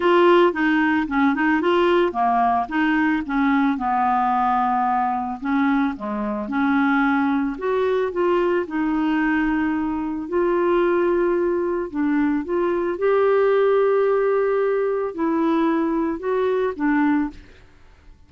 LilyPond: \new Staff \with { instrumentName = "clarinet" } { \time 4/4 \tempo 4 = 111 f'4 dis'4 cis'8 dis'8 f'4 | ais4 dis'4 cis'4 b4~ | b2 cis'4 gis4 | cis'2 fis'4 f'4 |
dis'2. f'4~ | f'2 d'4 f'4 | g'1 | e'2 fis'4 d'4 | }